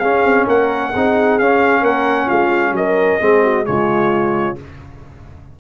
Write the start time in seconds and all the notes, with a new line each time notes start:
0.00 C#4 G#4 F5
0.24 C4
0.47 A#3 A#4 F#5
0.93 C4 D#4 G#4
1.39 C#4 F5
1.82 A#3 A#4 F#5
2.26 G#3 F4 F5
2.72 F#3 A#4 D#5
3.21 G#3 C4 G#4
3.44 F#4
3.65 C#3 G#3 F4 C#5